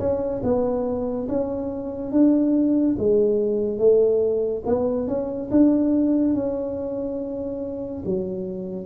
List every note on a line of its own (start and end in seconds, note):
0.00 0.42 C#4
0.43 1.28 B3
1.29 2.12 C#4
2.12 2.97 D4
2.99 3.79 G#3
3.79 4.63 A3
4.66 5.08 B3
5.08 5.50 C#4
5.51 6.34 D4
6.34 8.03 C#4
8.06 8.87 F#3